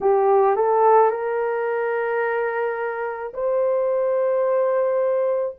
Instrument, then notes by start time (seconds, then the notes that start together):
horn
0.00 G4
0.56 A4
1.10 A#4
3.33 C5